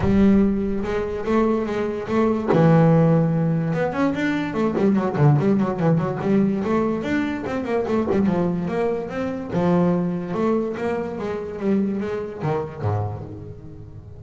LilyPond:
\new Staff \with { instrumentName = "double bass" } { \time 4/4 \tempo 4 = 145 g2 gis4 a4 | gis4 a4 e2~ | e4 b8 cis'8 d'4 a8 g8 | fis8 d8 g8 fis8 e8 fis8 g4 |
a4 d'4 c'8 ais8 a8 g8 | f4 ais4 c'4 f4~ | f4 a4 ais4 gis4 | g4 gis4 dis4 gis,4 | }